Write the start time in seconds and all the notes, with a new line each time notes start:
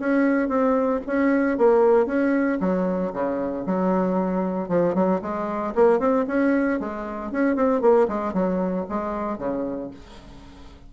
0.00 C#4
0.49 C4
1.07 C#4
1.58 A#3
2.06 C#4
2.60 F#3
3.13 C#3
3.66 F#3
4.69 F3
4.95 F#3
5.22 G#3
5.75 A#3
5.99 C4
6.28 C#4
6.80 G#3
7.32 C#4
7.56 C4
7.81 A#3
8.08 G#3
8.34 F#3
8.89 G#3
9.38 C#3